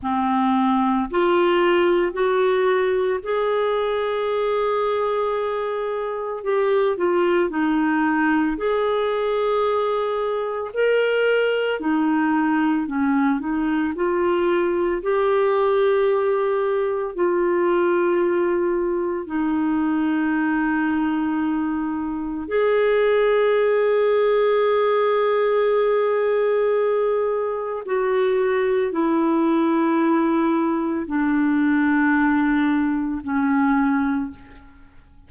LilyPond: \new Staff \with { instrumentName = "clarinet" } { \time 4/4 \tempo 4 = 56 c'4 f'4 fis'4 gis'4~ | gis'2 g'8 f'8 dis'4 | gis'2 ais'4 dis'4 | cis'8 dis'8 f'4 g'2 |
f'2 dis'2~ | dis'4 gis'2.~ | gis'2 fis'4 e'4~ | e'4 d'2 cis'4 | }